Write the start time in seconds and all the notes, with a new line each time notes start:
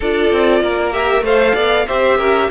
0.00 D4 F4 A4 D5
0.32 C4
0.61 A#3 A#4
0.92 G4 E5
1.21 A3 A4 C5 F5
1.54 B3 D5
1.87 C4 G4 C5 E5
2.17 C#4 A#4